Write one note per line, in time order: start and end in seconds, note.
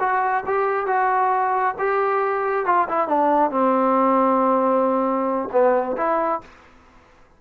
0.00 0.44 F#4
0.47 0.87 G4
0.87 1.75 F#4
1.79 2.66 G4
2.66 2.88 F4
2.89 3.08 E4
3.08 3.51 D4
3.51 5.49 C4
5.52 5.97 B3
5.97 6.42 E4